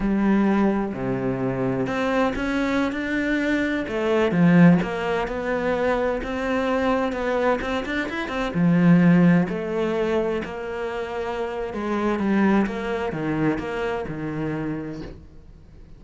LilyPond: \new Staff \with { instrumentName = "cello" } { \time 4/4 \tempo 4 = 128 g2 c2 | c'4 cis'4~ cis'16 d'4.~ d'16~ | d'16 a4 f4 ais4 b8.~ | b4~ b16 c'2 b8.~ |
b16 c'8 d'8 e'8 c'8 f4.~ f16~ | f16 a2 ais4.~ ais16~ | ais4 gis4 g4 ais4 | dis4 ais4 dis2 | }